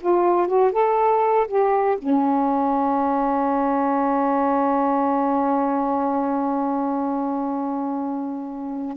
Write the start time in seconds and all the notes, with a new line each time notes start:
0.00 F4
0.47 F#4
0.72 A4
1.47 G4
1.98 C#4